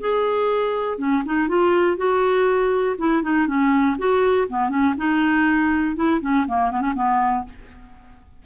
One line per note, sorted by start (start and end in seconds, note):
0.00 0.98 G#4
0.98 1.23 C#4
1.25 1.48 D#4
1.48 1.97 F4
1.97 2.96 F#4
2.98 3.22 E4
3.22 3.46 D#4
3.46 3.96 C#4
3.98 4.48 F#4
4.49 4.69 B3
4.69 4.94 C#4
4.97 5.95 D#4
5.95 6.20 E4
6.21 6.45 C#4
6.47 6.71 A#3
6.71 6.81 B3
6.81 6.93 C#4
6.94 7.44 B3